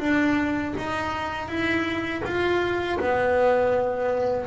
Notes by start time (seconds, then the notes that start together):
0.00 D4
0.77 D#4
1.48 E4
2.25 F4
2.99 B3